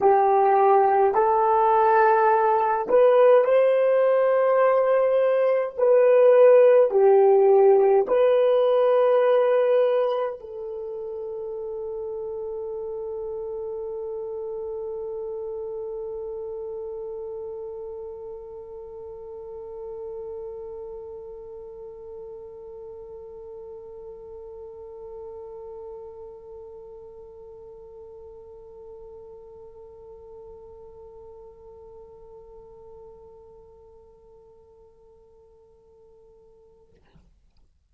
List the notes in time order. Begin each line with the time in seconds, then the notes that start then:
0.01 G4
1.14 A4
2.88 B4
3.44 C5
5.77 B4
6.90 G4
8.07 B4
10.40 A4